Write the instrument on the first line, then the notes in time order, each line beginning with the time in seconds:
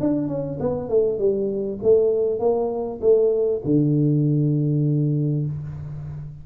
tuba
0.00 D4
0.28 C#4
0.60 B3
0.89 A3
1.18 G3
1.83 A3
2.39 A#3
3.01 A3
3.64 D3